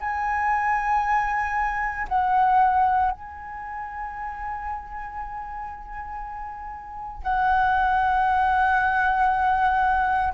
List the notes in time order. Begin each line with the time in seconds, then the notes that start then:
0.00 G#5
2.08 F#5
3.11 G#5
7.23 F#5